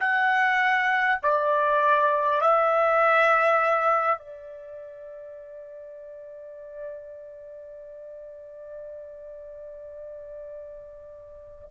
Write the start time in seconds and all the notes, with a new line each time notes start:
0.00 F#5
1.23 D5
2.41 E5
4.18 D5